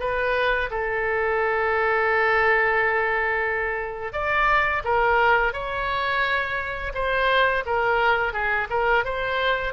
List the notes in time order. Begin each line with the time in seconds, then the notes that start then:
0.00 B4
0.71 A4
4.13 D5
4.85 A#4
5.53 C#5
6.94 C5
7.66 A#4
8.33 G#4
8.70 A#4
9.05 C5